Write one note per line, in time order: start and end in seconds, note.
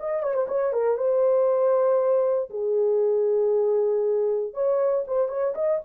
0.00 0.23 D#5
0.23 0.34 C#5
0.34 0.47 C5
0.49 0.73 C#5
0.73 0.98 A#4
0.98 2.50 C5
2.50 4.54 G#4
4.54 5.05 C#5
5.08 5.29 C5
5.29 5.54 C#5
5.55 5.81 D#5